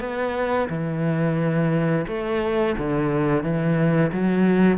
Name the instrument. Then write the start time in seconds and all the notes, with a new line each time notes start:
cello
0.00 B3
0.69 E3
2.07 A3
2.77 D3
3.43 E3
4.12 F#3